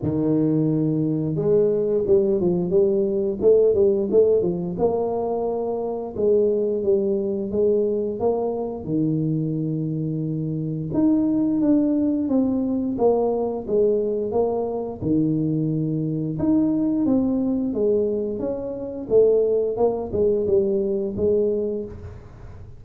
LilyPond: \new Staff \with { instrumentName = "tuba" } { \time 4/4 \tempo 4 = 88 dis2 gis4 g8 f8 | g4 a8 g8 a8 f8 ais4~ | ais4 gis4 g4 gis4 | ais4 dis2. |
dis'4 d'4 c'4 ais4 | gis4 ais4 dis2 | dis'4 c'4 gis4 cis'4 | a4 ais8 gis8 g4 gis4 | }